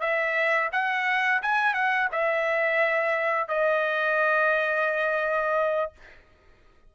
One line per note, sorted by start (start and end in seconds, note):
0.00 0.70 E5
0.72 1.41 F#5
1.42 1.73 G#5
1.73 2.08 F#5
2.12 3.48 E5
3.48 5.92 D#5